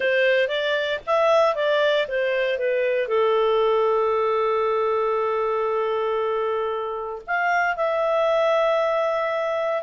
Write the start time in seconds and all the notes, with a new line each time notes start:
0.00 C5
0.47 D5
1.06 E5
1.55 D5
2.08 C5
2.58 B4
3.08 A4
7.26 F5
7.76 E5